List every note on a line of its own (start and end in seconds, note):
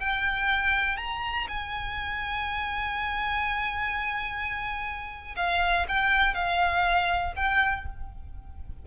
0.00 0.97 G5
0.97 1.47 A#5
1.48 5.36 G#5
5.36 5.86 F5
5.89 6.35 G5
6.35 7.35 F5
7.36 7.86 G5